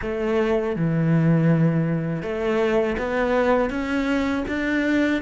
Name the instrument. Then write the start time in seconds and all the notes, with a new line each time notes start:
cello
0.01 A3
0.76 E3
2.22 A3
2.98 B3
3.70 C#4
4.48 D4